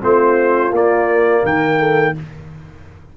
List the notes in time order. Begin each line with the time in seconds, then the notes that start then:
0.00 A3 C4 F4 C5
0.71 A#3 D5
1.43 D#3 A#4 G5
1.79 A4